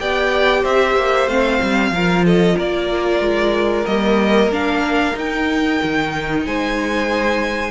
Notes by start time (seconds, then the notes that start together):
0.00 B3 G4 D5 G5
0.62 C4 C5 E5
0.96 A#3
1.27 A3 C4 F5
1.62 G3
1.91 F3 F4 A#4
2.26 A4 D#5
2.57 A#3 A#4 D5
3.21 G#3
3.86 G3 A#3 D#5
4.48 A#3 D4 F5
5.15 D#4 G5
5.83 D#3
6.46 G#3 C5 G#5